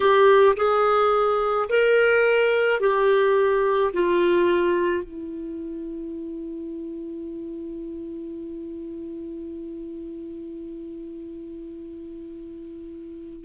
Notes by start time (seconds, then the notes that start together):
0.00 G4
0.56 G#4
1.69 A#4
2.80 G4
3.93 F4
5.04 E4